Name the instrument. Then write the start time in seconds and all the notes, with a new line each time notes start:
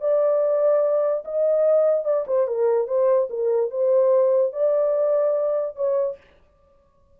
horn
0.00 D5
1.24 D#5
2.04 D5
2.27 C5
2.47 A#4
2.87 C5
3.29 A#4
3.70 C5
4.52 D5
5.75 C#5